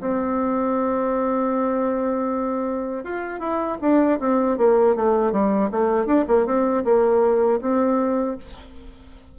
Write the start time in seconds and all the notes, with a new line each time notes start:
0.00 C4
3.04 F4
3.39 E4
3.81 D4
4.19 C4
4.57 A#3
4.95 A3
5.32 G3
5.71 A3
6.06 D4
6.28 A#3
6.46 C4
6.84 A#3
7.61 C4